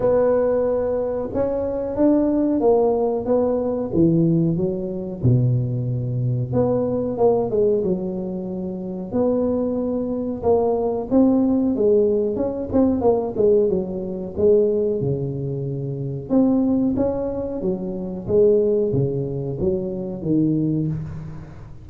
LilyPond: \new Staff \with { instrumentName = "tuba" } { \time 4/4 \tempo 4 = 92 b2 cis'4 d'4 | ais4 b4 e4 fis4 | b,2 b4 ais8 gis8 | fis2 b2 |
ais4 c'4 gis4 cis'8 c'8 | ais8 gis8 fis4 gis4 cis4~ | cis4 c'4 cis'4 fis4 | gis4 cis4 fis4 dis4 | }